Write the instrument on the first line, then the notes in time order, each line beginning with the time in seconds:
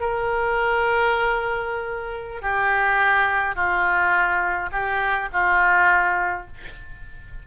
oboe
0.00 A#4
2.41 G4
3.55 F4
4.71 G4
5.32 F4